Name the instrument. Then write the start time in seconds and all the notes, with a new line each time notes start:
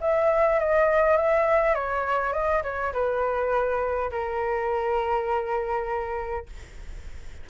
flute
0.00 E5
0.59 D#5
1.17 E5
1.74 C#5
2.33 D#5
2.63 C#5
2.93 B4
4.10 A#4